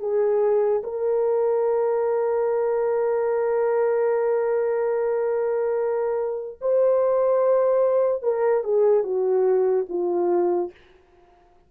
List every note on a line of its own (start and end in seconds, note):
0.00 0.82 G#4
0.83 6.59 A#4
6.61 8.23 C5
8.23 8.64 A#4
8.64 9.03 G#4
9.03 9.86 F#4
9.89 10.71 F4